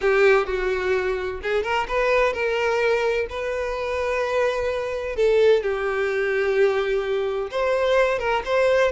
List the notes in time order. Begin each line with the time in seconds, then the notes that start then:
0.01 G4
0.46 F#4
1.42 G#4
1.63 A#4
1.87 B4
2.33 A#4
3.29 B4
5.16 A4
5.62 G4
7.50 C5
8.19 A#4
8.45 C5